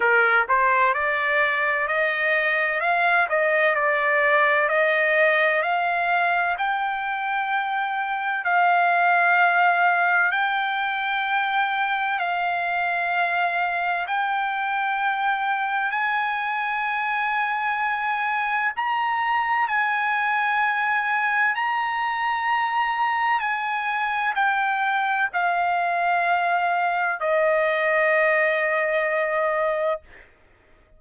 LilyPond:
\new Staff \with { instrumentName = "trumpet" } { \time 4/4 \tempo 4 = 64 ais'8 c''8 d''4 dis''4 f''8 dis''8 | d''4 dis''4 f''4 g''4~ | g''4 f''2 g''4~ | g''4 f''2 g''4~ |
g''4 gis''2. | ais''4 gis''2 ais''4~ | ais''4 gis''4 g''4 f''4~ | f''4 dis''2. | }